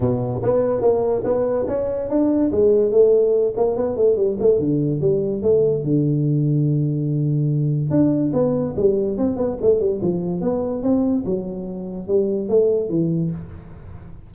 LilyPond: \new Staff \with { instrumentName = "tuba" } { \time 4/4 \tempo 4 = 144 b,4 b4 ais4 b4 | cis'4 d'4 gis4 a4~ | a8 ais8 b8 a8 g8 a8 d4 | g4 a4 d2~ |
d2. d'4 | b4 g4 c'8 b8 a8 g8 | f4 b4 c'4 fis4~ | fis4 g4 a4 e4 | }